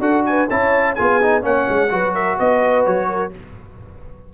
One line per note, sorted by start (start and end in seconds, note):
0.00 0.47 D4
0.00 0.47 F#4
0.00 0.24 A4
0.00 0.25 F#5
0.25 0.48 B4
0.25 0.49 G#5
0.48 0.98 C#4
0.48 0.97 E4
0.48 0.96 C#5
0.48 0.95 A5
0.95 1.43 B3
0.95 1.21 F4
0.95 1.43 G#4
0.95 1.42 G#5
1.22 1.42 D#4
1.42 1.67 A#3
1.42 1.89 C#4
1.42 1.90 C#5
1.42 2.14 F#5
1.69 1.91 G#3
1.89 2.38 F#3
1.89 3.31 F#4
1.89 2.14 B4
2.14 2.37 A#4
2.14 2.38 E5
2.38 2.86 B3
2.38 3.08 B4
2.38 2.86 D#5
2.86 3.33 F#3
2.86 3.33 C#5
3.08 3.32 A#4